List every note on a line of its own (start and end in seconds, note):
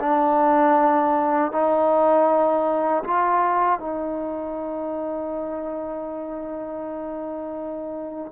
0.00 1.52 D4
1.52 3.04 D#4
3.04 3.80 F4
3.80 8.32 D#4